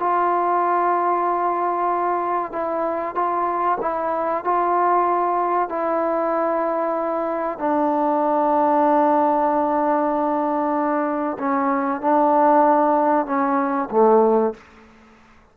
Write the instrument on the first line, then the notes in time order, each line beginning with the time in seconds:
trombone
0.00 F4
2.53 E4
3.16 F4
3.82 E4
4.45 F4
5.70 E4
7.59 D4
11.39 C#4
12.01 D4
13.26 C#4
13.91 A3